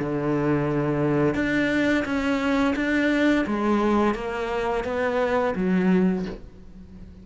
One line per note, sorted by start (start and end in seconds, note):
0.00 1.35 D3
1.35 2.05 D4
2.05 2.75 C#4
2.76 3.46 D4
3.47 4.15 G#3
4.15 4.85 A#3
4.85 5.55 B3
5.56 6.26 F#3